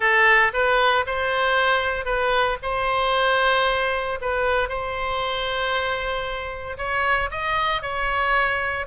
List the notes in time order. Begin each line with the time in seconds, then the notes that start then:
0.00 A4
0.53 B4
1.06 C5
2.05 B4
2.62 C5
4.21 B4
4.68 C5
6.77 C#5
7.30 D#5
7.82 C#5